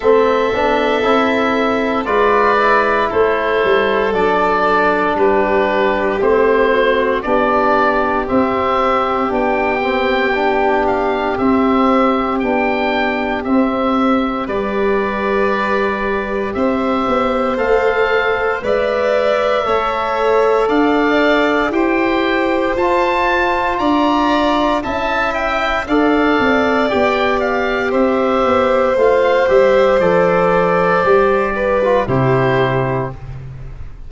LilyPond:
<<
  \new Staff \with { instrumentName = "oboe" } { \time 4/4 \tempo 4 = 58 e''2 d''4 c''4 | d''4 b'4 c''4 d''4 | e''4 g''4. f''8 e''4 | g''4 e''4 d''2 |
e''4 f''4 e''2 | f''4 g''4 a''4 ais''4 | a''8 g''8 f''4 g''8 f''8 e''4 | f''8 e''8 d''2 c''4 | }
  \new Staff \with { instrumentName = "violin" } { \time 4/4 a'2 b'4 a'4~ | a'4 g'4. fis'8 g'4~ | g'1~ | g'2 b'2 |
c''2 d''4 cis''4 | d''4 c''2 d''4 | e''4 d''2 c''4~ | c''2~ c''8 b'8 g'4 | }
  \new Staff \with { instrumentName = "trombone" } { \time 4/4 c'8 d'8 e'4 f'8 e'4. | d'2 c'4 d'4 | c'4 d'8 c'8 d'4 c'4 | d'4 c'4 g'2~ |
g'4 a'4 b'4 a'4~ | a'4 g'4 f'2 | e'4 a'4 g'2 | f'8 g'8 a'4 g'8. f'16 e'4 | }
  \new Staff \with { instrumentName = "tuba" } { \time 4/4 a8 b8 c'4 gis4 a8 g8 | fis4 g4 a4 b4 | c'4 b2 c'4 | b4 c'4 g2 |
c'8 b8 a4 gis4 a4 | d'4 e'4 f'4 d'4 | cis'4 d'8 c'8 b4 c'8 b8 | a8 g8 f4 g4 c4 | }
>>